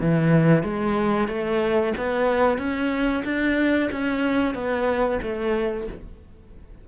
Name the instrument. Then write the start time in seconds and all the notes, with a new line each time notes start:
cello
0.00 E3
0.63 G#3
1.28 A3
1.97 B3
2.58 C#4
3.24 D4
3.91 C#4
4.54 B3
5.22 A3